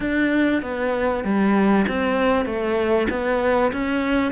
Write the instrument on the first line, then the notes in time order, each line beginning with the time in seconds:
cello
0.00 D4
0.62 B3
1.24 G3
1.88 C4
2.45 A3
3.10 B3
3.72 C#4